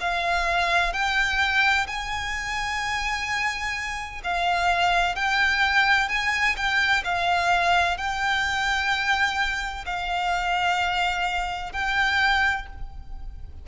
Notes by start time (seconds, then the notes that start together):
0.00 F5
0.93 G5
1.87 G#5
4.24 F5
5.15 G5
6.09 G#5
6.56 G5
7.04 F5
7.97 G5
9.86 F5
11.72 G5